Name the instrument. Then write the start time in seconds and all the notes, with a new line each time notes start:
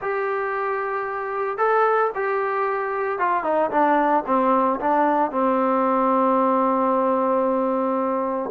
trombone
0.01 G4
1.57 A4
2.14 G4
3.19 F4
3.43 D#4
3.70 D4
4.26 C4
4.80 D4
5.31 C4